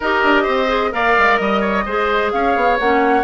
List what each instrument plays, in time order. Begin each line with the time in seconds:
0.00 bassoon D#4, clarinet G4, oboe A#4, flute D#5
0.23 bassoon D4
0.43 bassoon C4, oboe C5
0.67 clarinet G#4
0.91 bassoon A#3, clarinet A#4, oboe D5, flute F5
1.18 bassoon G#3
1.37 bassoon G3, flute D#5, oboe D#5
1.60 oboe C#5
1.85 bassoon G#3, clarinet G#4, oboe C5
2.31 bassoon C#4, oboe C#5, flute F5
2.55 bassoon B3
2.79 bassoon A#3, clarinet C#4, flute F#5